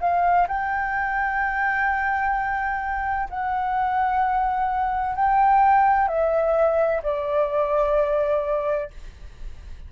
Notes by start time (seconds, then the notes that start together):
0.00 F5
0.47 G5
3.29 F#5
5.15 G5
6.08 E5
7.03 D5